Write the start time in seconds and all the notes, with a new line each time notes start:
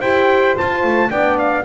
0.00 E4 G4 C5 G5
0.56 F4 A5
0.84 A3
1.10 B3 D4 D5 G5
1.39 F5